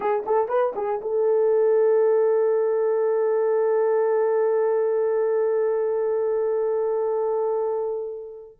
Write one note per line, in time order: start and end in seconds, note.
0.00 0.24 G#4
0.26 0.48 A4
0.48 0.73 B4
0.75 1.01 G#4
1.01 8.57 A4